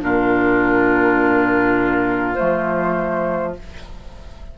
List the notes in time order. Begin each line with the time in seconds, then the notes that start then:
0.00 A#2 D4 F4 A#4
2.35 F3 A3 C5